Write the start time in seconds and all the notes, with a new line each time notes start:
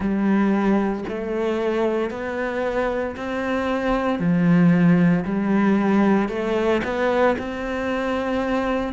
0.00 G3
1.08 A3
2.10 B3
3.16 C4
4.19 F3
5.24 G3
6.29 A3
6.84 B3
7.38 C4